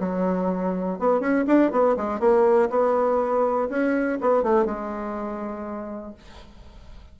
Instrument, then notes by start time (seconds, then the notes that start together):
bassoon
0.00 F#3
0.99 B3
1.20 C#4
1.47 D4
1.72 B3
1.97 G#3
2.20 A#3
2.70 B3
3.70 C#4
4.21 B3
4.43 A3
4.66 G#3